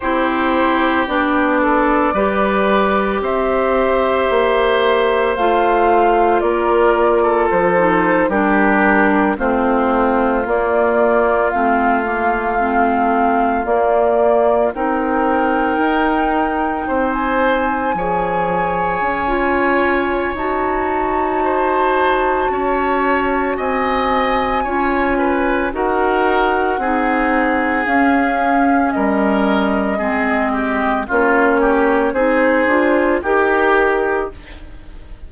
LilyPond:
<<
  \new Staff \with { instrumentName = "flute" } { \time 4/4 \tempo 4 = 56 c''4 d''2 e''4~ | e''4 f''4 d''4 c''8. ais'16~ | ais'8. c''4 d''4 f''4~ f''16~ | f''8. d''4 g''2~ g''16 |
gis''2. a''4~ | a''2 gis''2 | fis''2 f''4 dis''4~ | dis''4 cis''4 c''4 ais'4 | }
  \new Staff \with { instrumentName = "oboe" } { \time 4/4 g'4. a'8 b'4 c''4~ | c''2 ais'8. a'4 g'16~ | g'8. f'2.~ f'16~ | f'4.~ f'16 ais'2 c''16~ |
c''8. cis''2.~ cis''16 | c''4 cis''4 dis''4 cis''8 b'8 | ais'4 gis'2 ais'4 | gis'8 g'8 f'8 g'8 gis'4 g'4 | }
  \new Staff \with { instrumentName = "clarinet" } { \time 4/4 e'4 d'4 g'2~ | g'4 f'2~ f'16 dis'8 d'16~ | d'8. c'4 ais4 c'8 ais8 c'16~ | c'8. ais4 dis'2~ dis'16~ |
dis'8. gis'4~ gis'16 f'4 fis'4~ | fis'2. f'4 | fis'4 dis'4 cis'2 | c'4 cis'4 dis'8 f'8 g'4 | }
  \new Staff \with { instrumentName = "bassoon" } { \time 4/4 c'4 b4 g4 c'4 | ais4 a4 ais4 f8. g16~ | g8. a4 ais4 a4~ a16~ | a8. ais4 c'4 dis'4 c'16~ |
c'8. f4 cis'4~ cis'16 dis'4~ | dis'4 cis'4 c'4 cis'4 | dis'4 c'4 cis'4 g4 | gis4 ais4 c'8 d'8 dis'4 | }
>>